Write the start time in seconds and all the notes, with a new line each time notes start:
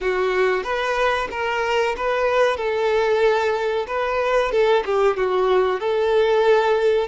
0.01 F#4
0.63 B4
1.30 A#4
1.96 B4
2.57 A4
3.87 B4
4.51 A4
4.85 G4
5.16 F#4
5.79 A4